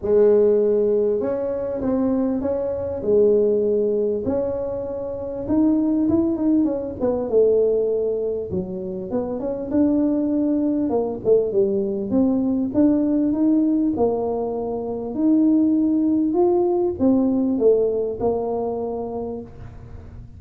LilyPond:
\new Staff \with { instrumentName = "tuba" } { \time 4/4 \tempo 4 = 99 gis2 cis'4 c'4 | cis'4 gis2 cis'4~ | cis'4 dis'4 e'8 dis'8 cis'8 b8 | a2 fis4 b8 cis'8 |
d'2 ais8 a8 g4 | c'4 d'4 dis'4 ais4~ | ais4 dis'2 f'4 | c'4 a4 ais2 | }